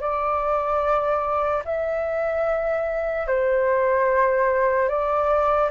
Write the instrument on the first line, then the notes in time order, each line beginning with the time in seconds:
flute
0.00 D5
1.65 E5
3.27 C5
4.88 D5